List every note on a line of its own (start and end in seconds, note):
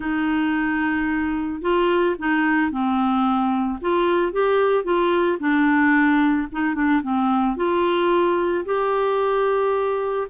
0.00 1.61 D#4
1.61 2.15 F4
2.18 2.71 D#4
2.71 3.79 C4
3.81 4.32 F4
4.32 4.84 G4
4.84 5.38 F4
5.39 6.47 D4
6.51 6.74 D#4
6.74 7.01 D4
7.02 7.56 C4
7.56 8.64 F4
8.65 10.27 G4